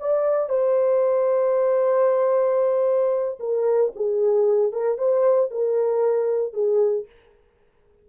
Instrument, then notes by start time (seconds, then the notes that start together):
horn
0.00 D5
0.49 C5
3.39 A#4
3.95 G#4
4.72 A#4
4.98 C5
5.50 A#4
6.53 G#4